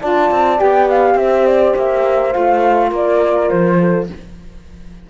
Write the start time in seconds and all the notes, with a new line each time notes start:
0.00 D4 F4 D5 A5
0.31 C4
0.57 B3 G4 G5
0.89 F5
1.14 C4 C5 E5
1.47 D5
1.76 A#3 E5
2.32 A3 F4 F5
2.90 A#3 A#4 D5
3.49 F3 C5
3.80 A4